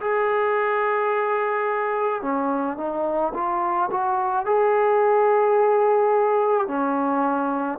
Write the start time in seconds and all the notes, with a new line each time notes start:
0.00 G#4
2.22 C#4
2.77 D#4
3.34 F4
3.90 F#4
4.45 G#4
6.67 C#4